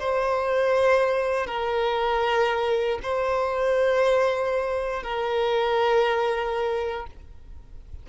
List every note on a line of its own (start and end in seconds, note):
0.00 1.47 C5
1.47 2.99 A#4
3.03 5.03 C5
5.03 7.07 A#4